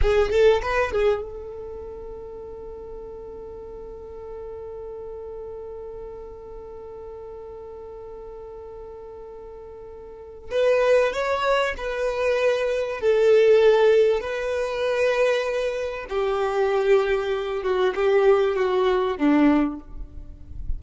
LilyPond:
\new Staff \with { instrumentName = "violin" } { \time 4/4 \tempo 4 = 97 gis'8 a'8 b'8 gis'8 a'2~ | a'1~ | a'1~ | a'1~ |
a'4 b'4 cis''4 b'4~ | b'4 a'2 b'4~ | b'2 g'2~ | g'8 fis'8 g'4 fis'4 d'4 | }